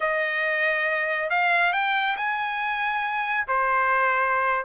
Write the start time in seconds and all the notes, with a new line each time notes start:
0.00 D#5
1.29 F5
1.73 G5
2.16 G#5
3.47 C5